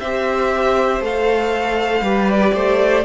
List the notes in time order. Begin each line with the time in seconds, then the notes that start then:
0.00 C4 G4 C5 E5
1.01 A3 A4 F5
2.01 G3 G4 B4
2.31 D5
2.54 A3 C5